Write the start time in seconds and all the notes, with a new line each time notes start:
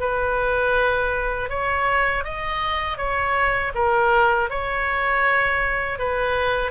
0.00 B4
1.50 C#5
2.25 D#5
2.98 C#5
3.75 A#4
4.50 C#5
5.99 B4